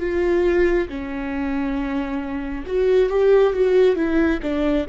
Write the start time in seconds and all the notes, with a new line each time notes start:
0.00 F4
0.89 C#4
2.67 F#4
3.09 G4
3.53 F#4
3.96 E4
4.42 D4